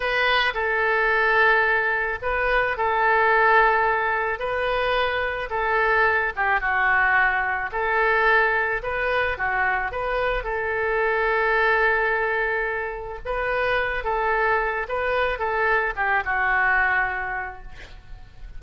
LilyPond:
\new Staff \with { instrumentName = "oboe" } { \time 4/4 \tempo 4 = 109 b'4 a'2. | b'4 a'2. | b'2 a'4. g'8 | fis'2 a'2 |
b'4 fis'4 b'4 a'4~ | a'1 | b'4. a'4. b'4 | a'4 g'8 fis'2~ fis'8 | }